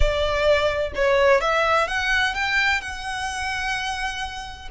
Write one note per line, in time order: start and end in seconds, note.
0.00 0.92 D5
0.95 1.40 C#5
1.40 1.87 E5
1.87 2.34 F#5
2.34 2.81 G5
2.81 4.69 F#5